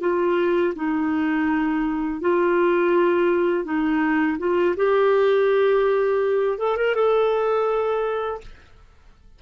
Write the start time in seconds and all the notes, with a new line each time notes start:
0.00 F4
0.75 D#4
2.21 F4
3.64 D#4
4.38 F4
4.76 G4
6.58 A4
6.76 A#4
6.94 A4